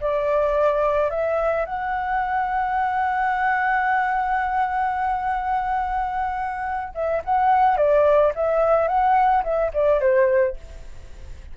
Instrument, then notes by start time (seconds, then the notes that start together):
flute
0.00 D5
1.10 E5
1.65 F#5
6.94 E5
7.24 F#5
7.77 D5
8.34 E5
8.87 F#5
9.43 E5
9.73 D5
10.01 C5